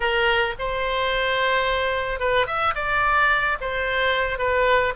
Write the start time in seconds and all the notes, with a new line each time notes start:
0.00 A#4
0.58 C5
2.19 B4
2.46 E5
2.75 D5
3.60 C5
4.38 B4